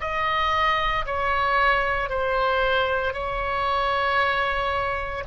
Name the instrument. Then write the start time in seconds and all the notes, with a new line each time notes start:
oboe
0.00 D#5
1.06 C#5
2.10 C5
3.13 C#5